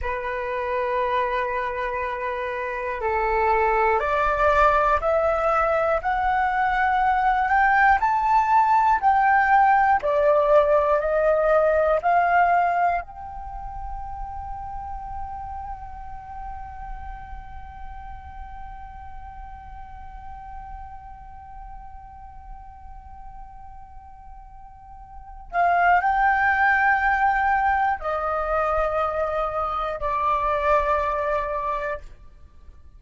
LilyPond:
\new Staff \with { instrumentName = "flute" } { \time 4/4 \tempo 4 = 60 b'2. a'4 | d''4 e''4 fis''4. g''8 | a''4 g''4 d''4 dis''4 | f''4 g''2.~ |
g''1~ | g''1~ | g''4. f''8 g''2 | dis''2 d''2 | }